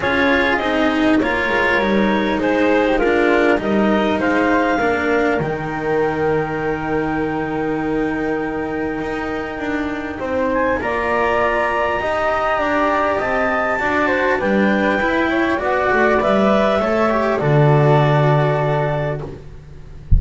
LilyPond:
<<
  \new Staff \with { instrumentName = "clarinet" } { \time 4/4 \tempo 4 = 100 cis''4 dis''4 cis''2 | c''4 ais'4 dis''4 f''4~ | f''4 g''2.~ | g''1~ |
g''4. gis''8 ais''2~ | ais''2 a''2 | g''2 fis''4 e''4~ | e''4 d''2. | }
  \new Staff \with { instrumentName = "flute" } { \time 4/4 gis'2 ais'2 | gis'8. g'16 f'4 ais'4 c''4 | ais'1~ | ais'1~ |
ais'4 c''4 d''2 | dis''4 d''4 dis''4 d''8 c''8 | b'4. cis''8 d''2 | cis''4 a'2. | }
  \new Staff \with { instrumentName = "cello" } { \time 4/4 f'4 dis'4 f'4 dis'4~ | dis'4 d'4 dis'2 | d'4 dis'2.~ | dis'1~ |
dis'2 f'2 | g'2. fis'4 | d'4 e'4 fis'4 b'4 | a'8 g'8 fis'2. | }
  \new Staff \with { instrumentName = "double bass" } { \time 4/4 cis'4 c'4 ais8 gis8 g4 | gis2 g4 gis4 | ais4 dis2.~ | dis2. dis'4 |
d'4 c'4 ais2 | dis'4 d'4 c'4 d'4 | g4 e'4 b8 a8 g4 | a4 d2. | }
>>